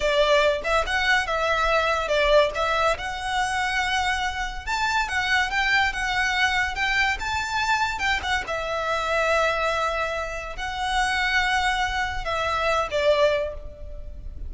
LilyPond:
\new Staff \with { instrumentName = "violin" } { \time 4/4 \tempo 4 = 142 d''4. e''8 fis''4 e''4~ | e''4 d''4 e''4 fis''4~ | fis''2. a''4 | fis''4 g''4 fis''2 |
g''4 a''2 g''8 fis''8 | e''1~ | e''4 fis''2.~ | fis''4 e''4. d''4. | }